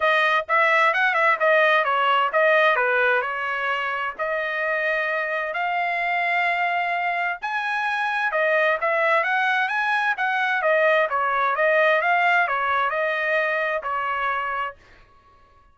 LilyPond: \new Staff \with { instrumentName = "trumpet" } { \time 4/4 \tempo 4 = 130 dis''4 e''4 fis''8 e''8 dis''4 | cis''4 dis''4 b'4 cis''4~ | cis''4 dis''2. | f''1 |
gis''2 dis''4 e''4 | fis''4 gis''4 fis''4 dis''4 | cis''4 dis''4 f''4 cis''4 | dis''2 cis''2 | }